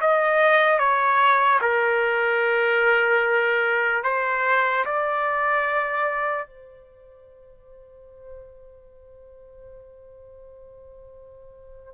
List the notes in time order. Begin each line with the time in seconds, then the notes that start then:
0.00 D#5
0.78 C#5
1.61 A#4
4.03 C5
4.85 D5
6.46 C5